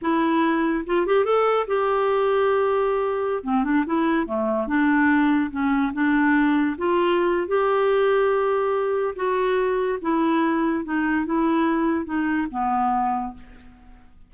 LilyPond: \new Staff \with { instrumentName = "clarinet" } { \time 4/4 \tempo 4 = 144 e'2 f'8 g'8 a'4 | g'1~ | g'16 c'8 d'8 e'4 a4 d'8.~ | d'4~ d'16 cis'4 d'4.~ d'16~ |
d'16 f'4.~ f'16 g'2~ | g'2 fis'2 | e'2 dis'4 e'4~ | e'4 dis'4 b2 | }